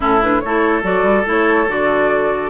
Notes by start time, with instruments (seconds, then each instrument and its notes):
0.00 bassoon A2, clarinet C#4, oboe E4, flute A4
0.22 clarinet D4, flute B4
0.40 bassoon A3, clarinet E4, oboe A4, flute C#5
0.83 bassoon F#3, clarinet F#4, flute D5
1.02 bassoon G3
1.26 bassoon A3, clarinet E4, flute C#5
1.68 bassoon D3, clarinet F#4, flute D5